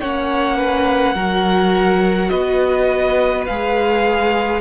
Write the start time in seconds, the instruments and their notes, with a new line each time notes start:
0.00 cello A#3, viola C#4, violin C#5 F#5
0.57 violin B4
1.14 cello F#3, viola F#4, violin A#4
2.29 cello B3, violin B4 D#5
3.46 cello G#3, viola G#4, violin F5